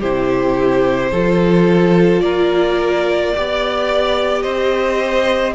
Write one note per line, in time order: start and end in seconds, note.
0.00 1.12 C3
0.00 1.13 E4
0.00 1.11 G4
0.00 2.20 C5
1.11 2.22 F3
1.11 3.35 F4
1.11 2.22 A4
2.20 3.33 A#3
2.20 3.34 A#4
2.20 4.42 D5
3.35 4.44 B3
3.35 5.55 G4
3.35 4.43 D5
4.42 5.55 C4
4.42 5.54 C5
4.42 5.53 D#5